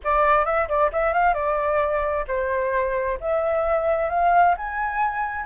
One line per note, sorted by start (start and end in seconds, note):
0.03 0.45 D5
0.45 0.67 E5
0.68 0.90 D5
0.92 1.13 E5
1.13 1.33 F5
1.33 2.24 D5
2.27 3.18 C5
3.20 4.09 E5
4.09 4.55 F5
4.57 5.46 G#5